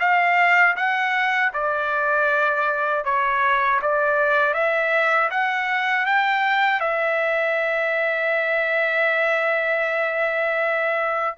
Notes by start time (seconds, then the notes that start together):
0.00 F5
0.76 F#5
1.54 D5
3.05 C#5
3.82 D5
4.54 E5
5.31 F#5
6.06 G5
6.80 E5